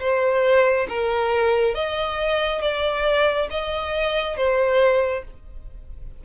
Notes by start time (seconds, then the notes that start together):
0.00 C5
0.89 A#4
1.74 D#5
2.61 D5
3.51 D#5
4.37 C5